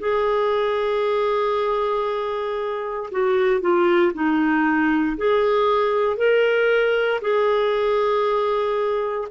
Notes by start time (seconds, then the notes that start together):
0.00 G#4
3.12 F#4
3.61 F4
4.14 D#4
5.18 G#4
6.17 A#4
7.22 G#4